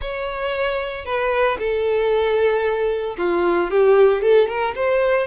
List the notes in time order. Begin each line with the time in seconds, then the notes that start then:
0.01 C#5
1.05 B4
1.58 A4
3.17 F4
3.70 G4
4.22 A4
4.48 A#4
4.75 C5